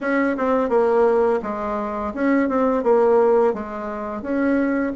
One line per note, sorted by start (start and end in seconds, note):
0.01 0.36 C#4
0.37 0.69 C4
0.69 1.40 A#3
1.42 2.13 G#3
2.14 2.48 C#4
2.48 2.83 C4
2.83 3.53 A#3
3.53 4.22 G#3
4.22 4.92 C#4